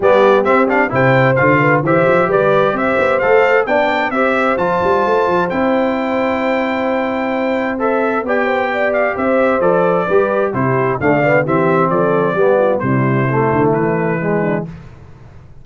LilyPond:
<<
  \new Staff \with { instrumentName = "trumpet" } { \time 4/4 \tempo 4 = 131 d''4 e''8 f''8 g''4 f''4 | e''4 d''4 e''4 f''4 | g''4 e''4 a''2 | g''1~ |
g''4 e''4 g''4. f''8 | e''4 d''2 c''4 | f''4 e''4 d''2 | c''2 b'2 | }
  \new Staff \with { instrumentName = "horn" } { \time 4/4 g'2 c''4. b'8 | c''4 b'4 c''2 | d''4 c''2.~ | c''1~ |
c''2 d''8 c''8 d''4 | c''2 b'4 g'4 | d''4 g'4 a'4 g'8 f'8 | e'2.~ e'8 d'8 | }
  \new Staff \with { instrumentName = "trombone" } { \time 4/4 b4 c'8 d'8 e'4 f'4 | g'2. a'4 | d'4 g'4 f'2 | e'1~ |
e'4 a'4 g'2~ | g'4 a'4 g'4 e'4 | a8 b8 c'2 b4 | g4 a2 gis4 | }
  \new Staff \with { instrumentName = "tuba" } { \time 4/4 g4 c'4 c4 d4 | e8 f8 g4 c'8 b8 a4 | b4 c'4 f8 g8 a8 f8 | c'1~ |
c'2 b2 | c'4 f4 g4 c4 | d4 e4 f4 g4 | c4. d8 e2 | }
>>